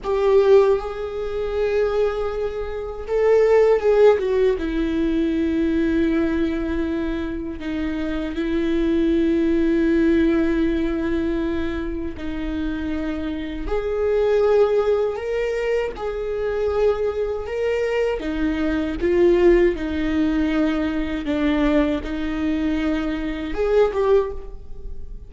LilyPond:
\new Staff \with { instrumentName = "viola" } { \time 4/4 \tempo 4 = 79 g'4 gis'2. | a'4 gis'8 fis'8 e'2~ | e'2 dis'4 e'4~ | e'1 |
dis'2 gis'2 | ais'4 gis'2 ais'4 | dis'4 f'4 dis'2 | d'4 dis'2 gis'8 g'8 | }